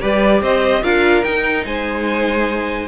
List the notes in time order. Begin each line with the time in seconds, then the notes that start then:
0.00 G3 G4 B4 D5
0.41 C4 C5 D#5
0.83 D4 F4 A#4 F5
1.23 D#4 G5
1.65 G#3 C5 G#5